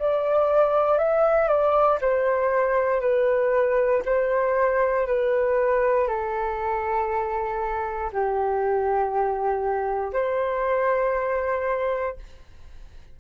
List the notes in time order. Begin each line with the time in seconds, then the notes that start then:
0.00 D5
0.98 E5
1.48 D5
2.02 C5
3.01 B4
4.06 C5
5.08 B4
6.08 A4
8.13 G4
10.13 C5